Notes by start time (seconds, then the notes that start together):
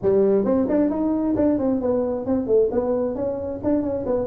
0.02 G3
0.44 C4
0.68 D4
0.90 D#4
1.35 D4
1.58 C4
1.80 B3
2.26 C4
2.46 A3
2.71 B3
3.15 C#4
3.63 D4
3.82 C#4
4.05 B3